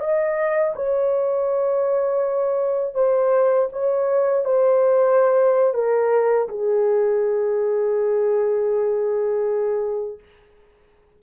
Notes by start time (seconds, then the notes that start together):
0.00 D#5
0.75 C#5
2.94 C5
3.72 C#5
4.44 C5
5.74 A#4
6.48 G#4